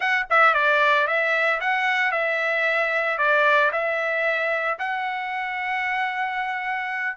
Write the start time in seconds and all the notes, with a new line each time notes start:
0.00 F#5
0.29 E5
0.54 D5
1.07 E5
1.60 F#5
2.11 E5
3.17 D5
3.71 E5
4.78 F#5